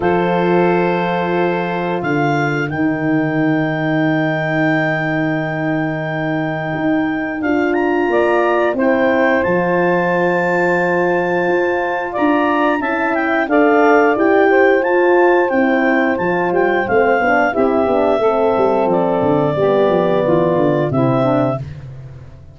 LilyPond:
<<
  \new Staff \with { instrumentName = "clarinet" } { \time 4/4 \tempo 4 = 89 c''2. f''4 | g''1~ | g''2. f''8 ais''8~ | ais''4 g''4 a''2~ |
a''2 ais''4 a''8 g''8 | f''4 g''4 a''4 g''4 | a''8 g''8 f''4 e''2 | d''2. e''4 | }
  \new Staff \with { instrumentName = "saxophone" } { \time 4/4 a'2. ais'4~ | ais'1~ | ais'1 | d''4 c''2.~ |
c''2 d''4 e''4 | d''4. c''2~ c''8~ | c''2 g'4 a'4~ | a'4 g'4 f'4 e'8 d'8 | }
  \new Staff \with { instrumentName = "horn" } { \time 4/4 f'1 | dis'1~ | dis'2. f'4~ | f'4 e'4 f'2~ |
f'2. e'4 | a'4 g'4 f'4 e'4 | f'4 c'8 d'8 e'8 d'8 c'4~ | c'4 b2 c'4 | }
  \new Staff \with { instrumentName = "tuba" } { \time 4/4 f2. d4 | dis1~ | dis2 dis'4 d'4 | ais4 c'4 f2~ |
f4 f'4 d'4 cis'4 | d'4 e'4 f'4 c'4 | f8 g8 a8 b8 c'8 b8 a8 g8 | f8 d8 g8 f8 e8 d8 c4 | }
>>